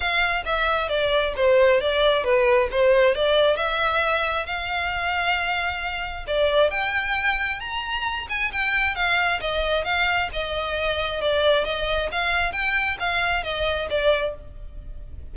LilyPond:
\new Staff \with { instrumentName = "violin" } { \time 4/4 \tempo 4 = 134 f''4 e''4 d''4 c''4 | d''4 b'4 c''4 d''4 | e''2 f''2~ | f''2 d''4 g''4~ |
g''4 ais''4. gis''8 g''4 | f''4 dis''4 f''4 dis''4~ | dis''4 d''4 dis''4 f''4 | g''4 f''4 dis''4 d''4 | }